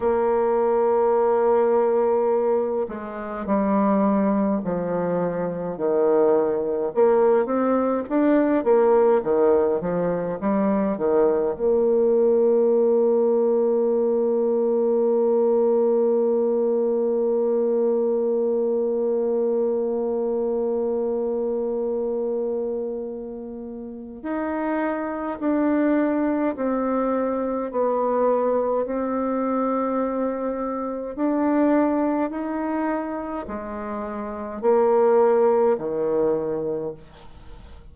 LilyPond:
\new Staff \with { instrumentName = "bassoon" } { \time 4/4 \tempo 4 = 52 ais2~ ais8 gis8 g4 | f4 dis4 ais8 c'8 d'8 ais8 | dis8 f8 g8 dis8 ais2~ | ais1~ |
ais1~ | ais4 dis'4 d'4 c'4 | b4 c'2 d'4 | dis'4 gis4 ais4 dis4 | }